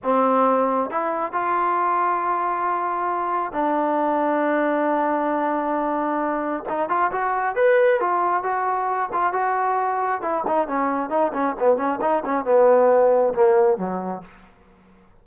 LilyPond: \new Staff \with { instrumentName = "trombone" } { \time 4/4 \tempo 4 = 135 c'2 e'4 f'4~ | f'1 | d'1~ | d'2. dis'8 f'8 |
fis'4 b'4 f'4 fis'4~ | fis'8 f'8 fis'2 e'8 dis'8 | cis'4 dis'8 cis'8 b8 cis'8 dis'8 cis'8 | b2 ais4 fis4 | }